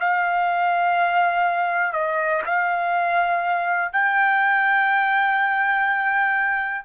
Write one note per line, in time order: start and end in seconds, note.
0.00 1.93 F5
1.93 2.42 D#5
2.46 3.93 F5
3.93 6.85 G5